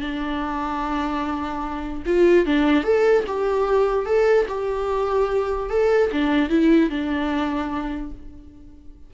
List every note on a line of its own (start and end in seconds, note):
0.00 2.03 D4
2.05 2.45 F4
2.45 2.83 D4
2.83 3.24 A4
3.27 4.06 G4
4.06 4.46 A4
4.48 5.69 G4
5.70 6.10 A4
6.11 6.49 D4
6.49 6.89 E4
6.89 8.11 D4